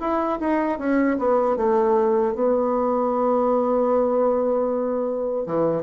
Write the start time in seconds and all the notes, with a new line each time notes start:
0.00 E4
0.40 D#4
0.78 C#4
1.19 B3
1.57 A3
2.34 B3
5.46 E3